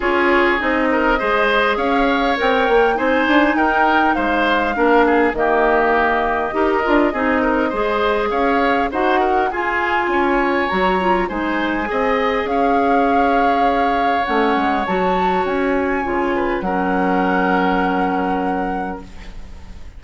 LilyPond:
<<
  \new Staff \with { instrumentName = "flute" } { \time 4/4 \tempo 4 = 101 cis''4 dis''2 f''4 | g''4 gis''4 g''4 f''4~ | f''4 dis''2.~ | dis''2 f''4 fis''4 |
gis''2 ais''4 gis''4~ | gis''4 f''2. | fis''4 a''4 gis''2 | fis''1 | }
  \new Staff \with { instrumentName = "oboe" } { \time 4/4 gis'4. ais'8 c''4 cis''4~ | cis''4 c''4 ais'4 c''4 | ais'8 gis'8 g'2 ais'4 | gis'8 ais'8 c''4 cis''4 c''8 ais'8 |
gis'4 cis''2 c''4 | dis''4 cis''2.~ | cis''2.~ cis''8 b'8 | ais'1 | }
  \new Staff \with { instrumentName = "clarinet" } { \time 4/4 f'4 dis'4 gis'2 | ais'4 dis'2. | d'4 ais2 g'8 f'8 | dis'4 gis'2 fis'4 |
f'2 fis'8 f'8 dis'4 | gis'1 | cis'4 fis'2 f'4 | cis'1 | }
  \new Staff \with { instrumentName = "bassoon" } { \time 4/4 cis'4 c'4 gis4 cis'4 | c'8 ais8 c'8 d'8 dis'4 gis4 | ais4 dis2 dis'8 d'8 | c'4 gis4 cis'4 dis'4 |
f'4 cis'4 fis4 gis4 | c'4 cis'2. | a8 gis8 fis4 cis'4 cis4 | fis1 | }
>>